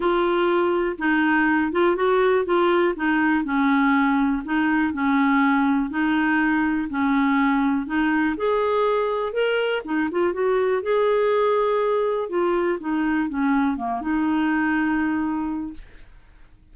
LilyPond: \new Staff \with { instrumentName = "clarinet" } { \time 4/4 \tempo 4 = 122 f'2 dis'4. f'8 | fis'4 f'4 dis'4 cis'4~ | cis'4 dis'4 cis'2 | dis'2 cis'2 |
dis'4 gis'2 ais'4 | dis'8 f'8 fis'4 gis'2~ | gis'4 f'4 dis'4 cis'4 | ais8 dis'2.~ dis'8 | }